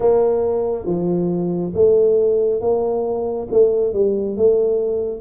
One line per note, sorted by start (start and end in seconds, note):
0.00 0.85 A#3
0.85 1.72 F3
1.74 2.60 A3
2.60 3.47 A#3
3.51 3.93 A3
3.93 4.36 G3
4.37 5.20 A3